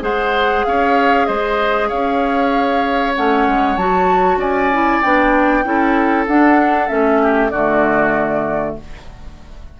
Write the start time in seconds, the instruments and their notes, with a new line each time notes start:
0.00 bassoon G#3, clarinet G#4, oboe C5, flute F#5
0.64 bassoon C#4, oboe C#5, flute F5
1.26 bassoon G#3, oboe C5, flute D#5
1.88 bassoon C#4, oboe C#5, flute F5
3.15 bassoon A3, clarinet C#4, flute F#5
3.47 bassoon G#3
3.76 bassoon F#3, clarinet F#4, flute A5
4.37 bassoon C#4, oboe D5, flute G#5
4.72 clarinet E4
5.01 bassoon B3, clarinet D4, flute G5
5.64 bassoon C#4, clarinet E4, oboe A4
6.27 bassoon D4, clarinet D4, flute F#5
6.88 bassoon A3, clarinet C#4, flute E5
7.22 oboe G4
7.50 bassoon D3, clarinet A3, oboe F#4, flute D5